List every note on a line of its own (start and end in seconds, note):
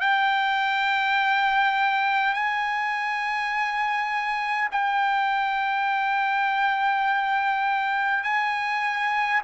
0.00 2.33 G5
2.33 4.68 G#5
4.71 8.24 G5
8.24 9.41 G#5